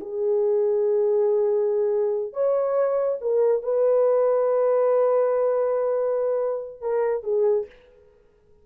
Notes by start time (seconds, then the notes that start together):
0.00 G#4
2.33 C#5
3.21 A#4
3.62 B4
6.81 A#4
7.23 G#4